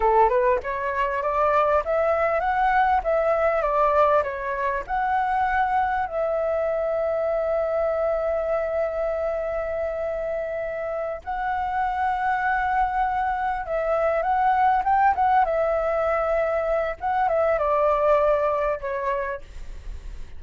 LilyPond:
\new Staff \with { instrumentName = "flute" } { \time 4/4 \tempo 4 = 99 a'8 b'8 cis''4 d''4 e''4 | fis''4 e''4 d''4 cis''4 | fis''2 e''2~ | e''1~ |
e''2~ e''8 fis''4.~ | fis''2~ fis''8 e''4 fis''8~ | fis''8 g''8 fis''8 e''2~ e''8 | fis''8 e''8 d''2 cis''4 | }